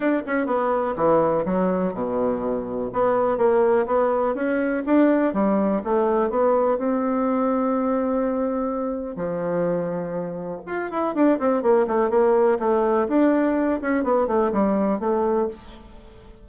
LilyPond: \new Staff \with { instrumentName = "bassoon" } { \time 4/4 \tempo 4 = 124 d'8 cis'8 b4 e4 fis4 | b,2 b4 ais4 | b4 cis'4 d'4 g4 | a4 b4 c'2~ |
c'2. f4~ | f2 f'8 e'8 d'8 c'8 | ais8 a8 ais4 a4 d'4~ | d'8 cis'8 b8 a8 g4 a4 | }